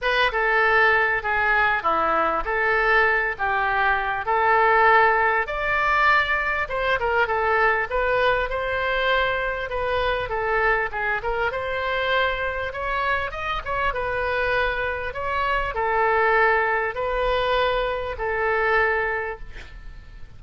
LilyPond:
\new Staff \with { instrumentName = "oboe" } { \time 4/4 \tempo 4 = 99 b'8 a'4. gis'4 e'4 | a'4. g'4. a'4~ | a'4 d''2 c''8 ais'8 | a'4 b'4 c''2 |
b'4 a'4 gis'8 ais'8 c''4~ | c''4 cis''4 dis''8 cis''8 b'4~ | b'4 cis''4 a'2 | b'2 a'2 | }